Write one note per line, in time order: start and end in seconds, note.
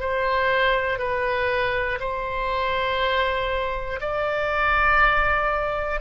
0.00 0.99 C5
0.99 1.99 B4
2.00 4.00 C5
4.00 6.00 D5